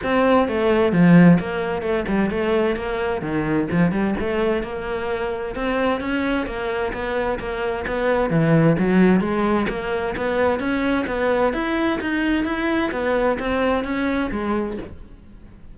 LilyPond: \new Staff \with { instrumentName = "cello" } { \time 4/4 \tempo 4 = 130 c'4 a4 f4 ais4 | a8 g8 a4 ais4 dis4 | f8 g8 a4 ais2 | c'4 cis'4 ais4 b4 |
ais4 b4 e4 fis4 | gis4 ais4 b4 cis'4 | b4 e'4 dis'4 e'4 | b4 c'4 cis'4 gis4 | }